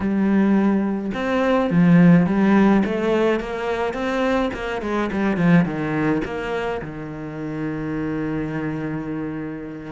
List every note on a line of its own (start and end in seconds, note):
0.00 1.11 G3
1.14 1.70 C4
1.70 2.26 F3
2.26 2.83 G3
2.85 3.40 A3
3.40 3.93 A#3
3.93 4.50 C4
4.53 4.81 A#3
4.81 5.09 G#3
5.12 5.36 G3
5.36 5.64 F3
5.64 6.21 D#3
6.24 6.81 A#3
6.81 9.92 D#3